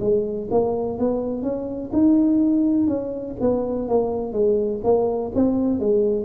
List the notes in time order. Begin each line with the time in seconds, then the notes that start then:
0.00 G#3
0.51 A#3
0.98 B3
1.42 C#4
1.93 D#4
2.87 C#4
3.40 B3
3.88 A#3
4.32 G#3
4.83 A#3
5.34 C4
5.79 G#3